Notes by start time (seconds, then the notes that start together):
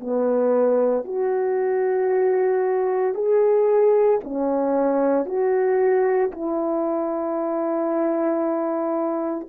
0.00 B3
1.04 F#4
3.14 G#4
4.24 C#4
5.26 F#4
6.32 E4